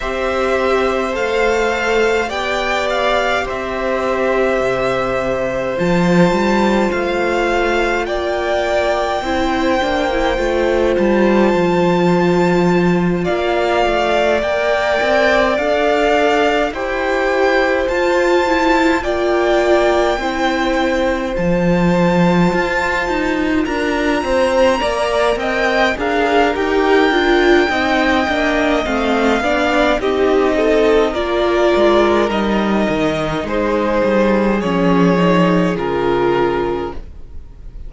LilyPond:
<<
  \new Staff \with { instrumentName = "violin" } { \time 4/4 \tempo 4 = 52 e''4 f''4 g''8 f''8 e''4~ | e''4 a''4 f''4 g''4~ | g''4. a''2 f''8~ | f''8 g''4 f''4 g''4 a''8~ |
a''8 g''2 a''4.~ | a''8 ais''4. g''8 f''8 g''4~ | g''4 f''4 dis''4 d''4 | dis''4 c''4 cis''4 ais'4 | }
  \new Staff \with { instrumentName = "violin" } { \time 4/4 c''2 d''4 c''4~ | c''2. d''4 | c''2.~ c''8 d''8~ | d''2~ d''8 c''4.~ |
c''8 d''4 c''2~ c''8~ | c''8 ais'8 c''8 d''8 dis''8 ais'4. | dis''4. d''8 g'8 a'8 ais'4~ | ais'4 gis'2. | }
  \new Staff \with { instrumentName = "viola" } { \time 4/4 g'4 a'4 g'2~ | g'4 f'2. | e'8 d'16 e'16 f'2.~ | f'8 ais'4 a'4 g'4 f'8 |
e'8 f'4 e'4 f'4.~ | f'4. ais'4 gis'8 g'8 f'8 | dis'8 d'8 c'8 d'8 dis'4 f'4 | dis'2 cis'8 dis'8 f'4 | }
  \new Staff \with { instrumentName = "cello" } { \time 4/4 c'4 a4 b4 c'4 | c4 f8 g8 a4 ais4 | c'8 ais8 a8 g8 f4. ais8 | a8 ais8 c'8 d'4 e'4 f'8~ |
f'8 ais4 c'4 f4 f'8 | dis'8 d'8 c'8 ais8 c'8 d'8 dis'8 d'8 | c'8 ais8 a8 b8 c'4 ais8 gis8 | g8 dis8 gis8 g8 f4 cis4 | }
>>